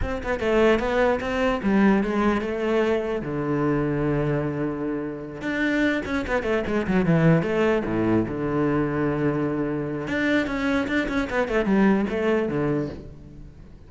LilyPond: \new Staff \with { instrumentName = "cello" } { \time 4/4 \tempo 4 = 149 c'8 b8 a4 b4 c'4 | g4 gis4 a2 | d1~ | d4. d'4. cis'8 b8 |
a8 gis8 fis8 e4 a4 a,8~ | a,8 d2.~ d8~ | d4 d'4 cis'4 d'8 cis'8 | b8 a8 g4 a4 d4 | }